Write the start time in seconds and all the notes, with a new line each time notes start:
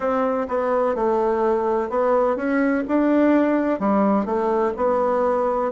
0.00 C4
0.48 B3
0.95 A3
1.89 B3
2.36 C#4
2.88 D4
3.79 G3
4.25 A3
4.76 B3